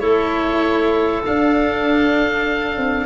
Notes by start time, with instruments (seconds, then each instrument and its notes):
0.00 tuba A3, cello E4, clarinet A4, oboe C#5
1.26 cello D4, tuba D4, oboe F5
2.78 tuba C4